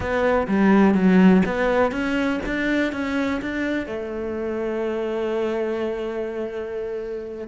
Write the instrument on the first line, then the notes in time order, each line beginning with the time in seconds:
cello
0.00 B3
0.47 G3
0.94 F#3
1.45 B3
1.91 C#4
2.45 D4
2.92 C#4
3.41 D4
3.86 A3